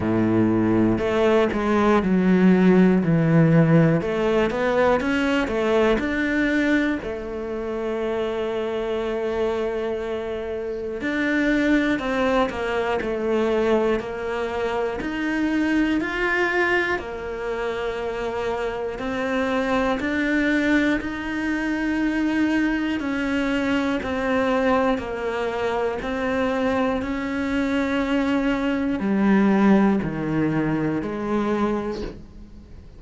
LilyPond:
\new Staff \with { instrumentName = "cello" } { \time 4/4 \tempo 4 = 60 a,4 a8 gis8 fis4 e4 | a8 b8 cis'8 a8 d'4 a4~ | a2. d'4 | c'8 ais8 a4 ais4 dis'4 |
f'4 ais2 c'4 | d'4 dis'2 cis'4 | c'4 ais4 c'4 cis'4~ | cis'4 g4 dis4 gis4 | }